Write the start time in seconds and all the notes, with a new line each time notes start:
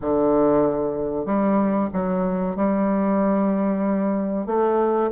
0.01 D3
1.25 G3
1.93 F#3
2.55 G3
4.46 A3